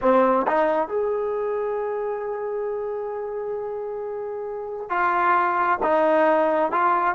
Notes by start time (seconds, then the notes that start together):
0.01 C4
0.47 D#4
0.88 G#4
4.89 F4
5.82 D#4
6.71 F4